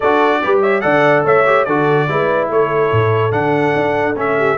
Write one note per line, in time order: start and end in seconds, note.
0.00 0.44 D4
0.00 0.43 F#4
0.00 0.42 A4
0.00 0.59 D5
0.43 0.84 G3
0.43 0.81 G4
0.43 0.61 B4
0.61 0.82 C#5
0.61 0.80 E5
0.80 1.24 D3
0.80 1.44 A4
0.80 1.24 D5
0.80 1.22 F#5
1.24 1.66 A3
1.24 1.66 C#5
1.24 1.65 E5
1.46 1.67 G4
1.65 2.08 D3
1.65 2.08 F#4
1.65 2.08 A4
1.65 2.48 D5
2.08 2.49 G#3
2.08 3.31 E4
2.08 2.51 B4
2.49 2.90 A3
2.49 4.37 A4
2.49 3.31 C#5
2.91 3.32 A2
3.31 3.73 D3
3.31 4.14 D4
3.31 4.15 F#5
3.75 4.15 D4
4.15 4.57 A3
4.15 4.57 C#4
4.15 4.58 E5
4.37 4.58 G4